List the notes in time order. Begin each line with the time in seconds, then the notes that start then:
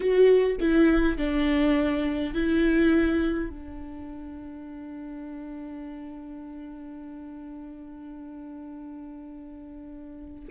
0.00 F#4
0.60 E4
1.17 D4
2.34 E4
3.49 D4